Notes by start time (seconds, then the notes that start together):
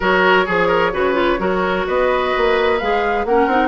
0.00 F#3 F#4 A#4 C#5
0.45 F3 G#4
0.67 A#4
0.92 C#3 F#4 B4
1.14 F4
1.38 F#3 F#4 A#4
1.86 B3 B4 D#5
2.37 A#3
2.78 G#3 G#4 F5
3.25 A#3 C#4 A#4 F#5
3.46 C4 D#4